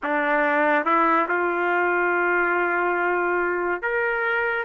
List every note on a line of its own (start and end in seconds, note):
0.03 0.85 D4
0.85 1.27 E4
1.28 3.81 F4
3.81 4.64 A#4